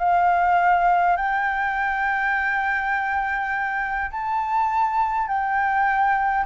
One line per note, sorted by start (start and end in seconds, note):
0.00 1.17 F5
1.17 4.11 G5
4.11 5.28 A5
5.28 6.46 G5